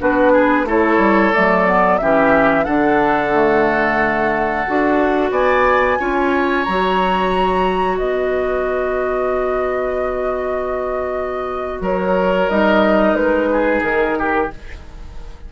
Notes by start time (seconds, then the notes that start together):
0.00 B3 D4 F#4 B4
0.33 G#4
0.64 A3 E4 A4 C#5
0.98 G3
1.32 F#3 A3 D5
1.67 B3
1.98 E3 C#4 G4 E5
2.65 D3 D4 A4 F#5
3.33 A3
4.67 D4 F#4
5.31 B3 D5 G#5
5.99 C#4 F4 C#5
6.64 F#3 F#4 A#5
7.98 B3 B4 D#5
11.81 F#3 A#4 C#5
12.50 G3 D#4 D#5
13.15 G#3 B4
13.52 G#4
13.83 D#3 A#4
14.19 G4